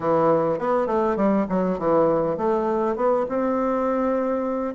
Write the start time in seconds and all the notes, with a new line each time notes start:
0.00 E3
0.58 B3
0.86 A3
1.16 G3
1.49 F#3
1.78 E3
2.37 A3
2.96 B3
3.29 C4